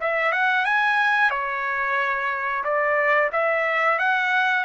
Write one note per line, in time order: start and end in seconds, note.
0.00 0.32 E5
0.32 0.65 F#5
0.65 1.30 G#5
1.30 2.63 C#5
2.64 3.30 D5
3.32 3.99 E5
3.99 4.64 F#5